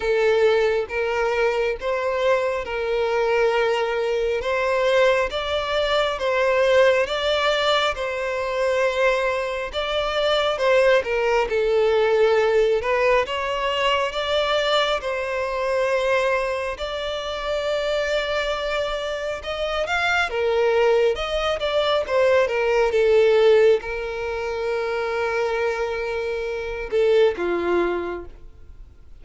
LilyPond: \new Staff \with { instrumentName = "violin" } { \time 4/4 \tempo 4 = 68 a'4 ais'4 c''4 ais'4~ | ais'4 c''4 d''4 c''4 | d''4 c''2 d''4 | c''8 ais'8 a'4. b'8 cis''4 |
d''4 c''2 d''4~ | d''2 dis''8 f''8 ais'4 | dis''8 d''8 c''8 ais'8 a'4 ais'4~ | ais'2~ ais'8 a'8 f'4 | }